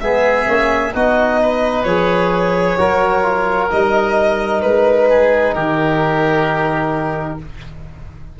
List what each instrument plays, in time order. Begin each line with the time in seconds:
0.00 tuba G#3, trombone B3, oboe G#4, violin E5
0.46 tuba A#3, trombone C#4
0.93 tuba B3, trombone D#4, oboe F#4, violin D#5
1.42 oboe B4
1.83 tuba F3, trombone G#4, violin C#5
2.77 tuba F#3, trombone F#4, oboe A#4
3.22 trombone F4
3.69 tuba G3, trombone D#4, violin D#5
4.61 tuba G#3, violin B4
5.09 oboe G#4
5.54 tuba D#3, oboe G4, violin A#4